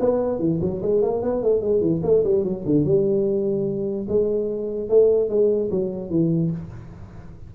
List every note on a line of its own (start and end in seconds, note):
0.00 0.40 B3
0.40 0.60 E3
0.62 0.82 F#3
0.82 1.02 G#3
1.02 1.22 A#3
1.22 1.43 B3
1.43 1.62 A3
1.62 1.81 G#3
1.81 2.01 E3
2.04 2.24 A3
2.24 2.44 G3
2.44 2.65 F#3
2.65 2.84 D3
2.84 4.07 G3
4.09 4.89 G#3
4.89 5.29 A3
5.29 5.70 G#3
5.71 6.10 F#3
6.10 6.51 E3